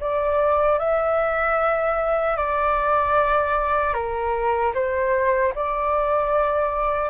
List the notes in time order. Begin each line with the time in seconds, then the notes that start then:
0.00 D5
0.79 E5
2.37 D5
3.94 A#4
4.74 C5
5.56 D5